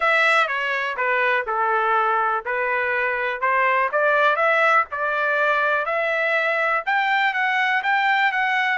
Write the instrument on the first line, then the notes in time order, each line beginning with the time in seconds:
trumpet
0.00 E5
0.47 C#5
0.96 B4
1.46 A4
2.45 B4
3.40 C5
3.92 D5
4.36 E5
4.91 D5
5.85 E5
6.86 G5
7.33 F#5
7.83 G5
8.32 F#5